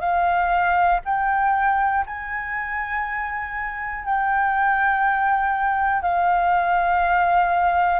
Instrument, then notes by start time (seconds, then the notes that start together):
flute
0.00 F5
1.05 G5
2.06 G#5
4.05 G5
6.02 F5